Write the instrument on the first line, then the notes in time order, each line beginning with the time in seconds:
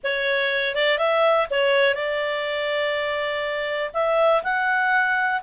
clarinet
0.03 C#5
0.75 D5
0.98 E5
1.50 C#5
1.94 D5
3.93 E5
4.43 F#5